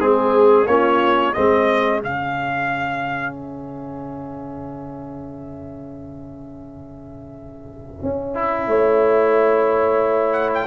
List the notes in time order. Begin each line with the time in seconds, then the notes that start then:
0.00 G#3 C4 G#4
0.67 A#3 C#4 F4 C#5
1.34 G#3 C4 G#4 D#5
2.02 C#3 C#4 F5
3.34 E5
8.03 C#4
8.35 E4
8.68 A3 C#5
10.33 F#5
10.54 G5